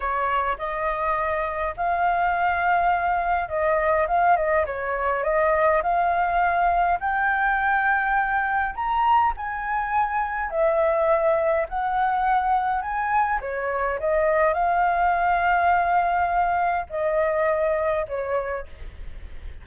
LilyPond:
\new Staff \with { instrumentName = "flute" } { \time 4/4 \tempo 4 = 103 cis''4 dis''2 f''4~ | f''2 dis''4 f''8 dis''8 | cis''4 dis''4 f''2 | g''2. ais''4 |
gis''2 e''2 | fis''2 gis''4 cis''4 | dis''4 f''2.~ | f''4 dis''2 cis''4 | }